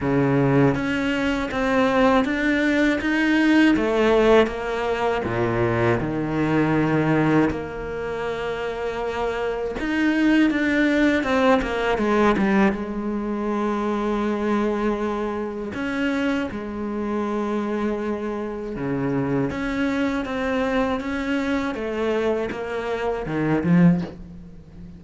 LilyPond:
\new Staff \with { instrumentName = "cello" } { \time 4/4 \tempo 4 = 80 cis4 cis'4 c'4 d'4 | dis'4 a4 ais4 ais,4 | dis2 ais2~ | ais4 dis'4 d'4 c'8 ais8 |
gis8 g8 gis2.~ | gis4 cis'4 gis2~ | gis4 cis4 cis'4 c'4 | cis'4 a4 ais4 dis8 f8 | }